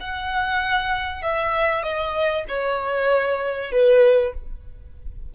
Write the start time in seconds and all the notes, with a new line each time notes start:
0.00 F#5
1.22 E5
1.83 D#5
2.48 C#5
3.71 B4